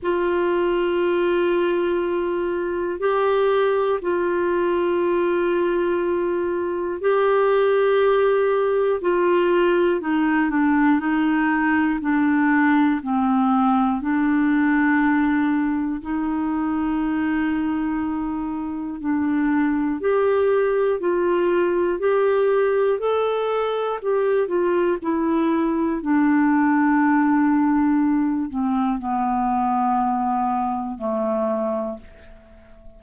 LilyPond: \new Staff \with { instrumentName = "clarinet" } { \time 4/4 \tempo 4 = 60 f'2. g'4 | f'2. g'4~ | g'4 f'4 dis'8 d'8 dis'4 | d'4 c'4 d'2 |
dis'2. d'4 | g'4 f'4 g'4 a'4 | g'8 f'8 e'4 d'2~ | d'8 c'8 b2 a4 | }